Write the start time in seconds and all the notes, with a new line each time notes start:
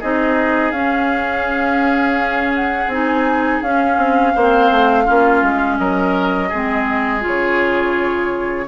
0.00 C4 D#4 G#4 D#5
0.71 C#4 F5
2.55 F#5
2.87 C4 D#4 G#5
3.62 C#4 F5
3.97 C4
4.35 A#3 C4 C5
4.70 A3
5.04 A#3 C#4 F4
5.43 G#3
5.78 F#3 A#4 D#5
6.48 G#3 C4 G#4
7.21 F4 C#5
7.27 C#3